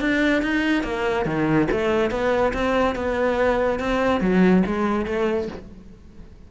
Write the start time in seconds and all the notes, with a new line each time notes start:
0.00 D4
0.42 D#4
0.83 A#3
1.25 D#3
1.71 A3
2.10 B3
2.53 C4
2.95 B3
3.79 C4
4.20 F#3
4.66 G#3
5.06 A3